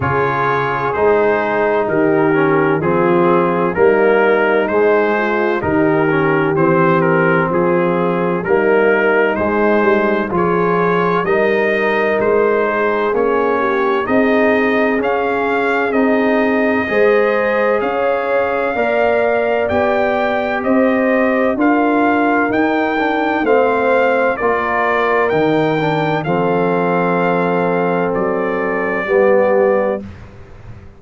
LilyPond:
<<
  \new Staff \with { instrumentName = "trumpet" } { \time 4/4 \tempo 4 = 64 cis''4 c''4 ais'4 gis'4 | ais'4 c''4 ais'4 c''8 ais'8 | gis'4 ais'4 c''4 cis''4 | dis''4 c''4 cis''4 dis''4 |
f''4 dis''2 f''4~ | f''4 g''4 dis''4 f''4 | g''4 f''4 d''4 g''4 | f''2 d''2 | }
  \new Staff \with { instrumentName = "horn" } { \time 4/4 gis'2 g'4 f'4 | dis'4. f'8 g'2 | f'4 dis'2 gis'4 | ais'4. gis'4 g'8 gis'4~ |
gis'2 c''4 cis''4 | d''2 c''4 ais'4~ | ais'4 c''4 ais'2 | a'2. g'4 | }
  \new Staff \with { instrumentName = "trombone" } { \time 4/4 f'4 dis'4. cis'8 c'4 | ais4 gis4 dis'8 cis'8 c'4~ | c'4 ais4 gis4 f'4 | dis'2 cis'4 dis'4 |
cis'4 dis'4 gis'2 | ais'4 g'2 f'4 | dis'8 d'8 c'4 f'4 dis'8 d'8 | c'2. b4 | }
  \new Staff \with { instrumentName = "tuba" } { \time 4/4 cis4 gis4 dis4 f4 | g4 gis4 dis4 e4 | f4 g4 gis8 g8 f4 | g4 gis4 ais4 c'4 |
cis'4 c'4 gis4 cis'4 | ais4 b4 c'4 d'4 | dis'4 a4 ais4 dis4 | f2 fis4 g4 | }
>>